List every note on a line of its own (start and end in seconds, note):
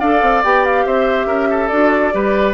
0.00 0.21 D4
0.00 0.44 A4
0.00 0.85 D5
0.00 0.43 F5
0.21 0.43 C4
0.44 0.85 B3
0.44 1.71 G4
0.44 0.65 G5
0.65 0.86 F5
0.85 1.26 C4
0.85 1.27 C5
0.85 1.68 E5
1.26 1.68 C#4
1.26 1.48 A#4
1.50 2.14 A4
1.68 2.14 D4
1.68 2.12 F#4
1.68 2.53 D5
2.12 2.54 G3
2.12 2.54 G4
2.12 2.54 B4